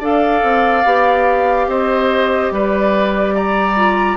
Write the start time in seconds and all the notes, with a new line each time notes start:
0.00 D4 A4 D5 F5
0.43 C4
0.85 B3 G4
1.67 C4 C5 D#5
2.51 G3 B4 D5
3.35 D5 A#5
3.76 F4